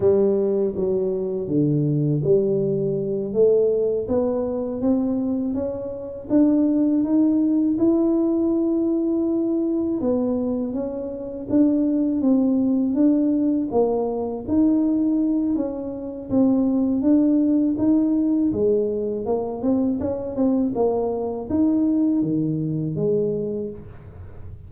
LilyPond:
\new Staff \with { instrumentName = "tuba" } { \time 4/4 \tempo 4 = 81 g4 fis4 d4 g4~ | g8 a4 b4 c'4 cis'8~ | cis'8 d'4 dis'4 e'4.~ | e'4. b4 cis'4 d'8~ |
d'8 c'4 d'4 ais4 dis'8~ | dis'4 cis'4 c'4 d'4 | dis'4 gis4 ais8 c'8 cis'8 c'8 | ais4 dis'4 dis4 gis4 | }